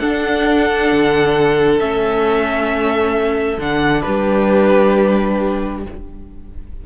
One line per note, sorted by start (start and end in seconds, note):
0.00 0.90 D4
0.00 1.80 D4
0.00 4.04 A4
0.00 1.79 F#5
0.92 1.81 D3
1.80 3.58 A3
1.80 3.59 C#4
1.80 3.59 E5
3.58 4.03 D3
3.58 5.84 D4
3.58 4.02 F#5
4.02 5.86 G3
4.02 5.85 G4
4.02 5.81 B4